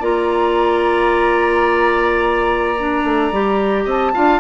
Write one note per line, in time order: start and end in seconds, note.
0.00 3.04 A#3
0.00 2.76 F4
0.00 3.84 D5
0.00 3.88 A#5
2.78 3.33 D4
3.04 3.32 A3
3.32 3.85 G3
3.32 4.14 G4
3.84 4.13 C4
3.84 4.12 D#5
3.84 4.40 A5
4.14 4.40 D4
4.14 4.40 F4
4.14 4.40 F5